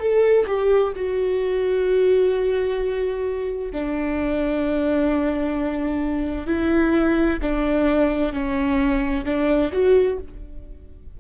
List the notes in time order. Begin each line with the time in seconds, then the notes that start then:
0.00 A4
0.47 G4
0.96 F#4
3.72 D4
6.47 E4
7.42 D4
8.33 C#4
9.25 D4
9.72 F#4